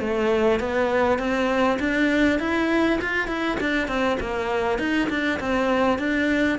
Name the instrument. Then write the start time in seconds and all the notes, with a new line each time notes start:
cello
0.00 A3
0.60 B3
1.18 C4
1.79 D4
2.39 E4
3.01 F4
3.28 E4
3.60 D4
3.88 C4
4.20 A#3
4.78 D#4
5.09 D4
5.40 C4
5.98 D4